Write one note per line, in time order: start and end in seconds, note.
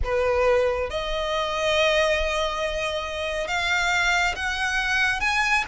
0.04 0.90 B4
0.90 3.47 D#5
3.47 4.34 F5
4.35 5.20 F#5
5.20 5.64 G#5